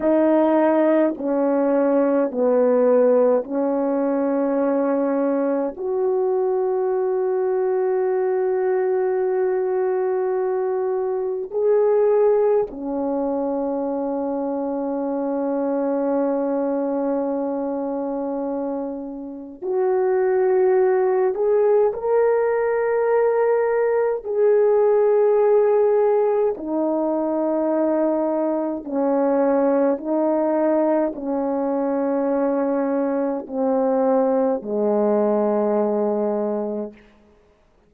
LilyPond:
\new Staff \with { instrumentName = "horn" } { \time 4/4 \tempo 4 = 52 dis'4 cis'4 b4 cis'4~ | cis'4 fis'2.~ | fis'2 gis'4 cis'4~ | cis'1~ |
cis'4 fis'4. gis'8 ais'4~ | ais'4 gis'2 dis'4~ | dis'4 cis'4 dis'4 cis'4~ | cis'4 c'4 gis2 | }